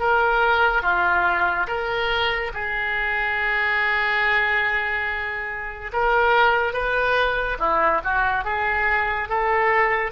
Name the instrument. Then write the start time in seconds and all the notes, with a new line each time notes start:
oboe
0.00 A#4
0.83 F4
1.68 A#4
2.54 G#4
5.93 A#4
6.74 B4
7.59 E4
8.04 F#4
8.45 G#4
9.29 A4